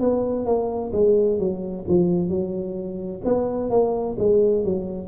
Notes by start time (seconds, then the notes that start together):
0.00 B3
0.45 A#3
0.92 G#3
1.39 F#3
1.88 F3
2.29 F#3
3.24 B3
3.70 A#3
4.18 G#3
4.64 F#3